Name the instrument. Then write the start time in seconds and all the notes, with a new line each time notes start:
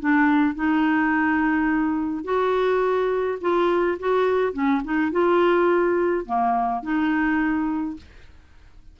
clarinet
0.00 D4
0.56 D#4
2.25 F#4
3.41 F4
4.00 F#4
4.54 C#4
4.85 D#4
5.12 F4
6.26 A#3
6.83 D#4